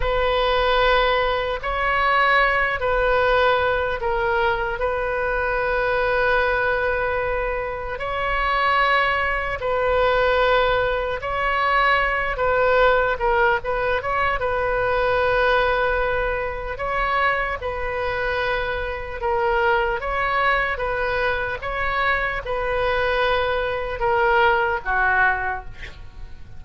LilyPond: \new Staff \with { instrumentName = "oboe" } { \time 4/4 \tempo 4 = 75 b'2 cis''4. b'8~ | b'4 ais'4 b'2~ | b'2 cis''2 | b'2 cis''4. b'8~ |
b'8 ais'8 b'8 cis''8 b'2~ | b'4 cis''4 b'2 | ais'4 cis''4 b'4 cis''4 | b'2 ais'4 fis'4 | }